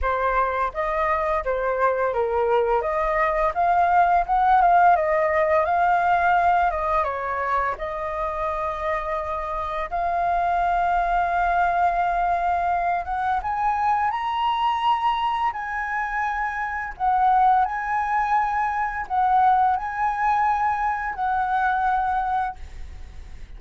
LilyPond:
\new Staff \with { instrumentName = "flute" } { \time 4/4 \tempo 4 = 85 c''4 dis''4 c''4 ais'4 | dis''4 f''4 fis''8 f''8 dis''4 | f''4. dis''8 cis''4 dis''4~ | dis''2 f''2~ |
f''2~ f''8 fis''8 gis''4 | ais''2 gis''2 | fis''4 gis''2 fis''4 | gis''2 fis''2 | }